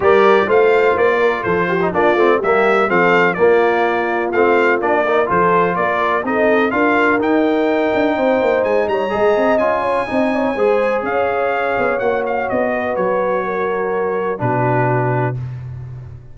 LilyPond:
<<
  \new Staff \with { instrumentName = "trumpet" } { \time 4/4 \tempo 4 = 125 d''4 f''4 d''4 c''4 | d''4 e''4 f''4 d''4~ | d''4 f''4 d''4 c''4 | d''4 dis''4 f''4 g''4~ |
g''2 gis''8 ais''4. | gis''2. f''4~ | f''4 fis''8 f''8 dis''4 cis''4~ | cis''2 b'2 | }
  \new Staff \with { instrumentName = "horn" } { \time 4/4 ais'4 c''4. ais'8 a'8 g'8 | f'4 g'4 a'4 f'4~ | f'2~ f'8 ais'8 a'4 | ais'4 a'4 ais'2~ |
ais'4 c''4. cis''8 dis''4~ | dis''8 cis''8 dis''8 cis''8 c''4 cis''4~ | cis''2~ cis''8 b'4. | ais'2 fis'2 | }
  \new Staff \with { instrumentName = "trombone" } { \time 4/4 g'4 f'2~ f'8. dis'16 | d'8 c'8 ais4 c'4 ais4~ | ais4 c'4 d'8 dis'8 f'4~ | f'4 dis'4 f'4 dis'4~ |
dis'2. gis'4 | f'4 dis'4 gis'2~ | gis'4 fis'2.~ | fis'2 d'2 | }
  \new Staff \with { instrumentName = "tuba" } { \time 4/4 g4 a4 ais4 f4 | ais8 a8 g4 f4 ais4~ | ais4 a4 ais4 f4 | ais4 c'4 d'4 dis'4~ |
dis'8 d'8 c'8 ais8 gis8 g8 gis8 c'8 | cis'4 c'4 gis4 cis'4~ | cis'8 b8 ais4 b4 fis4~ | fis2 b,2 | }
>>